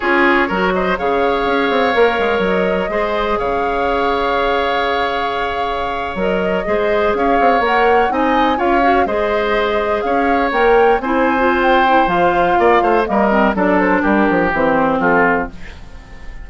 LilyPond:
<<
  \new Staff \with { instrumentName = "flute" } { \time 4/4 \tempo 4 = 124 cis''4. dis''8 f''2~ | f''4 dis''2 f''4~ | f''1~ | f''8. dis''2 f''4 fis''16~ |
fis''8. gis''4 f''4 dis''4~ dis''16~ | dis''8. f''4 g''4 gis''4~ gis''16 | g''4 f''2 dis''4 | d''8 c''8 ais'4 c''4 a'4 | }
  \new Staff \with { instrumentName = "oboe" } { \time 4/4 gis'4 ais'8 c''8 cis''2~ | cis''2 c''4 cis''4~ | cis''1~ | cis''4.~ cis''16 c''4 cis''4~ cis''16~ |
cis''8. dis''4 cis''4 c''4~ c''16~ | c''8. cis''2 c''4~ c''16~ | c''2 d''8 c''8 ais'4 | a'4 g'2 f'4 | }
  \new Staff \with { instrumentName = "clarinet" } { \time 4/4 f'4 fis'4 gis'2 | ais'2 gis'2~ | gis'1~ | gis'8. ais'4 gis'2 ais'16~ |
ais'8. dis'4 f'8 fis'8 gis'4~ gis'16~ | gis'4.~ gis'16 ais'4 e'8. f'8~ | f'8 e'8 f'2 ais8 c'8 | d'2 c'2 | }
  \new Staff \with { instrumentName = "bassoon" } { \time 4/4 cis'4 fis4 cis4 cis'8 c'8 | ais8 gis8 fis4 gis4 cis4~ | cis1~ | cis8. fis4 gis4 cis'8 c'8 ais16~ |
ais8. c'4 cis'4 gis4~ gis16~ | gis8. cis'4 ais4 c'4~ c'16~ | c'4 f4 ais8 a8 g4 | fis4 g8 f8 e4 f4 | }
>>